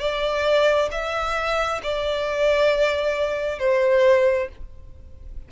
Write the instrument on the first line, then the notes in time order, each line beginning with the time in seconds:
violin
0.00 D5
0.92 E5
1.83 D5
3.59 C5